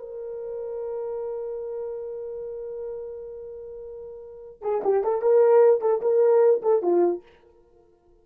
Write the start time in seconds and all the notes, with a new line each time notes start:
0.00 A#4
4.62 G#4
4.84 G4
5.04 A4
5.22 A#4
5.82 A4
6.02 A#4
6.63 A4
6.83 F4